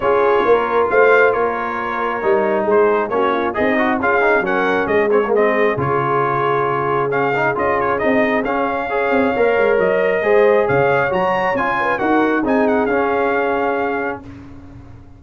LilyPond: <<
  \new Staff \with { instrumentName = "trumpet" } { \time 4/4 \tempo 4 = 135 cis''2 f''4 cis''4~ | cis''2 c''4 cis''4 | dis''4 f''4 fis''4 dis''8 cis''8 | dis''4 cis''2. |
f''4 dis''8 cis''8 dis''4 f''4~ | f''2 dis''2 | f''4 ais''4 gis''4 fis''4 | gis''8 fis''8 f''2. | }
  \new Staff \with { instrumentName = "horn" } { \time 4/4 gis'4 ais'4 c''4 ais'4~ | ais'2 gis'4 fis'8 f'8 | dis'4 gis'4 ais'4 gis'4~ | gis'1~ |
gis'1 | cis''2. c''4 | cis''2~ cis''8 b'8 ais'4 | gis'1 | }
  \new Staff \with { instrumentName = "trombone" } { \time 4/4 f'1~ | f'4 dis'2 cis'4 | gis'8 fis'8 f'8 dis'8 cis'4. c'16 ais16 | c'4 f'2. |
cis'8 dis'8 f'4 dis'4 cis'4 | gis'4 ais'2 gis'4~ | gis'4 fis'4 f'4 fis'4 | dis'4 cis'2. | }
  \new Staff \with { instrumentName = "tuba" } { \time 4/4 cis'4 ais4 a4 ais4~ | ais4 g4 gis4 ais4 | c'4 cis'4 fis4 gis4~ | gis4 cis2.~ |
cis4 cis'4 c'4 cis'4~ | cis'8 c'8 ais8 gis8 fis4 gis4 | cis4 fis4 cis'4 dis'4 | c'4 cis'2. | }
>>